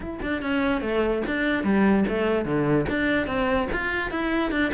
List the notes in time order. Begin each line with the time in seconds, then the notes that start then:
0.00 E4
0.21 D4
0.42 C#4
0.81 A3
1.26 D4
1.63 G3
2.08 A3
2.45 D3
2.89 D4
3.27 C4
3.72 F4
4.11 E4
4.51 D4